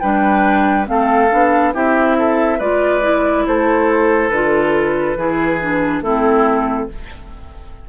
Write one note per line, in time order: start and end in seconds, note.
0.00 0.88 G3
0.00 0.86 D4
0.00 0.87 B4
0.00 0.86 G5
0.86 1.31 A3
0.86 1.29 C4
0.86 1.74 A4
0.86 1.74 F5
1.31 1.74 B3
1.31 1.73 D4
1.74 2.60 C4
1.74 2.59 E4
1.74 2.17 G4
1.74 2.61 E5
2.19 2.58 A4
2.58 3.46 G#3
2.58 3.02 F4
2.58 3.44 B4
2.58 3.46 D5
3.02 4.30 E4
3.47 4.30 A3
3.47 5.18 A4
3.47 4.30 C5
4.30 5.16 D3
4.30 5.17 F4
4.30 6.01 B4
5.16 6.02 E3
5.16 5.60 E4
5.16 6.03 G#4
5.61 6.03 D4
6.02 6.87 A3
6.02 6.89 C4
6.02 6.89 E4
6.02 6.89 A4